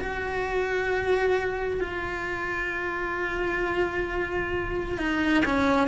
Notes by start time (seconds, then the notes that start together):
0.00 F#4
1.81 F4
4.98 D#4
5.45 C#4